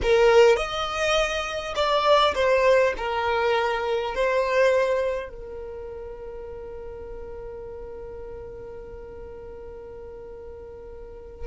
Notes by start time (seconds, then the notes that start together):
0.02 A#4
0.56 D#5
1.75 D5
2.34 C5
2.97 A#4
4.14 C5
5.29 A#4